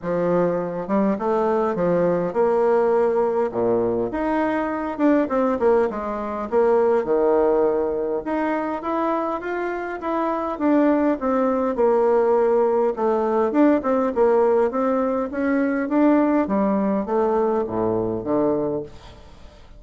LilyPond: \new Staff \with { instrumentName = "bassoon" } { \time 4/4 \tempo 4 = 102 f4. g8 a4 f4 | ais2 ais,4 dis'4~ | dis'8 d'8 c'8 ais8 gis4 ais4 | dis2 dis'4 e'4 |
f'4 e'4 d'4 c'4 | ais2 a4 d'8 c'8 | ais4 c'4 cis'4 d'4 | g4 a4 a,4 d4 | }